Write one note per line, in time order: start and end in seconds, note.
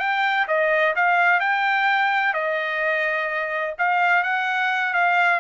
0.00 0.47 G5
0.48 0.95 D#5
0.96 1.40 F5
1.40 2.34 G5
2.34 3.75 D#5
3.79 4.24 F5
4.24 4.94 F#5
4.94 5.40 F5